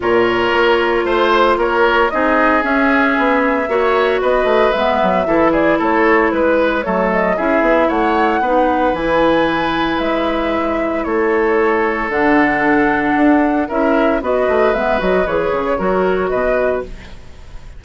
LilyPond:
<<
  \new Staff \with { instrumentName = "flute" } { \time 4/4 \tempo 4 = 114 cis''2 c''4 cis''4 | dis''4 e''2. | dis''4 e''4. d''8 cis''4 | b'4 cis''8 dis''8 e''4 fis''4~ |
fis''4 gis''2 e''4~ | e''4 cis''2 fis''4~ | fis''2 e''4 dis''4 | e''8 dis''8 cis''2 dis''4 | }
  \new Staff \with { instrumentName = "oboe" } { \time 4/4 ais'2 c''4 ais'4 | gis'2. cis''4 | b'2 a'8 gis'8 a'4 | b'4 a'4 gis'4 cis''4 |
b'1~ | b'4 a'2.~ | a'2 ais'4 b'4~ | b'2 ais'4 b'4 | }
  \new Staff \with { instrumentName = "clarinet" } { \time 4/4 f'1 | dis'4 cis'2 fis'4~ | fis'4 b4 e'2~ | e'4 a4 e'2 |
dis'4 e'2.~ | e'2. d'4~ | d'2 e'4 fis'4 | b8 fis'8 gis'4 fis'2 | }
  \new Staff \with { instrumentName = "bassoon" } { \time 4/4 ais,4 ais4 a4 ais4 | c'4 cis'4 b4 ais4 | b8 a8 gis8 fis8 e4 a4 | gis4 fis4 cis'8 b8 a4 |
b4 e2 gis4~ | gis4 a2 d4~ | d4 d'4 cis'4 b8 a8 | gis8 fis8 e8 cis8 fis4 b,4 | }
>>